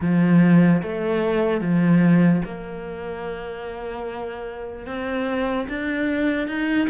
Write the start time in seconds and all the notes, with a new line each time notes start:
0.00 F3
0.82 A3
1.60 F3
2.45 A#3
4.86 C4
5.68 D4
6.47 D#4